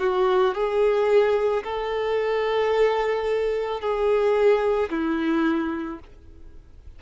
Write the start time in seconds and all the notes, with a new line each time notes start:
0.00 F#4
0.55 G#4
1.64 A4
3.81 G#4
4.90 E4